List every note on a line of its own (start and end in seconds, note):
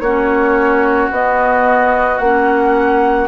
0.00 1.09 A#3
0.00 1.12 C#4
0.00 3.28 F#4
0.00 1.09 C#5
1.10 2.19 B3
1.10 2.21 B3
1.10 2.18 D#5
2.18 3.28 A#3
2.18 3.28 C#4
2.18 3.27 F#5